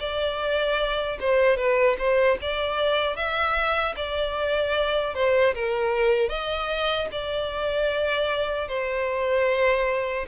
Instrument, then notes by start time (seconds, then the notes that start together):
violin
0.00 D5
1.20 C5
1.57 B4
1.99 C5
2.42 D5
3.17 E5
3.97 D5
5.15 C5
5.55 A#4
6.29 D#5
7.12 D5
8.68 C5